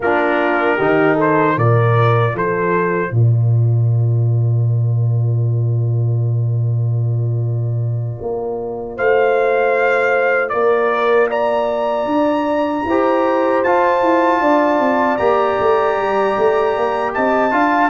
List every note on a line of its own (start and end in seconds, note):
0.00 0.78 A#3
0.00 0.79 D4
0.00 0.75 F4
0.00 1.18 A#4
0.75 1.56 D#3
0.75 1.57 D#4
0.75 1.14 G4
1.14 1.53 A4
1.14 1.58 C5
1.56 2.33 A#2
1.56 12.87 F4
1.56 2.34 A#4
1.56 2.36 D5
2.33 3.11 F3
2.33 3.12 A4
2.33 3.14 C5
3.11 8.17 A#2
3.11 8.96 A#4
3.11 8.97 D5
8.21 8.98 A#3
8.96 10.53 A3
8.96 10.52 C5
8.96 10.49 F5
10.49 12.05 A#3
10.49 11.30 A#4
10.49 11.27 D5
11.30 12.85 D5
11.30 13.63 A#5
12.05 12.83 D4
12.84 13.62 E4
12.84 13.66 G4
12.84 14.41 C5
13.63 14.02 F4
13.63 15.19 F4
13.63 15.17 A5
14.02 14.40 E4
14.40 14.79 D4
14.40 17.14 D5
14.79 15.18 C4
15.17 15.58 A#3
15.17 17.51 G4
15.17 17.12 A#5
15.59 15.97 A3
15.97 16.36 G3
16.37 16.76 A3
16.76 17.15 A#3
17.13 17.52 C4
17.13 17.53 D#5
17.13 17.90 A5
17.51 17.90 D4
17.51 17.90 F4
17.51 17.90 F5